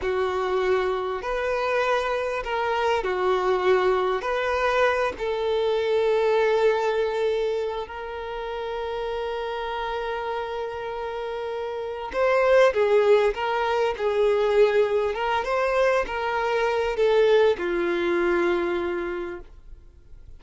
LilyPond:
\new Staff \with { instrumentName = "violin" } { \time 4/4 \tempo 4 = 99 fis'2 b'2 | ais'4 fis'2 b'4~ | b'8 a'2.~ a'8~ | a'4 ais'2.~ |
ais'1 | c''4 gis'4 ais'4 gis'4~ | gis'4 ais'8 c''4 ais'4. | a'4 f'2. | }